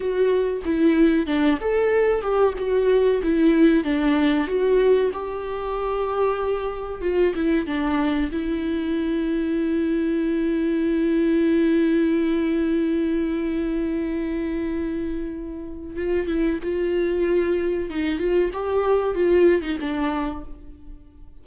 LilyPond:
\new Staff \with { instrumentName = "viola" } { \time 4/4 \tempo 4 = 94 fis'4 e'4 d'8 a'4 g'8 | fis'4 e'4 d'4 fis'4 | g'2. f'8 e'8 | d'4 e'2.~ |
e'1~ | e'1~ | e'4 f'8 e'8 f'2 | dis'8 f'8 g'4 f'8. dis'16 d'4 | }